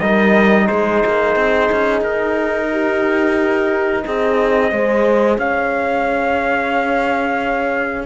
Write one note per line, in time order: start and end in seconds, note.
0.00 0.69 G3
0.00 4.73 D#4
0.00 0.66 A#4
0.00 0.67 D#5
0.66 1.05 G#3
0.66 2.69 G#4
0.66 2.03 C5
1.06 1.36 A#3
1.36 1.70 C4
1.72 2.02 C#4
2.02 4.04 D#4
2.02 4.06 A#4
2.72 4.05 G4
4.05 4.72 C4
4.05 4.72 G#4
4.05 5.39 D#5
4.72 5.39 G#3
4.72 8.06 G#4
4.72 5.38 C5
5.38 8.06 C#4
5.38 8.06 C#5
5.38 8.06 F5